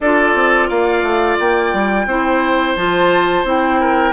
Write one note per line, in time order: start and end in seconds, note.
0.00 0.34 D4
0.00 2.09 F4
0.00 0.68 A4
0.00 0.69 D5
0.34 0.69 C4
0.68 1.02 A#3
0.68 2.06 D5
0.68 1.38 F5
1.02 1.37 A3
1.39 1.73 A#3
1.39 2.76 G5
1.73 2.06 G3
2.06 2.75 C4
2.06 2.77 E4
2.06 3.80 C5
2.76 3.44 F3
2.76 3.45 F4
2.76 3.45 A5
3.44 4.12 C4
3.44 4.13 E4
3.44 4.13 G5
3.80 4.13 A#4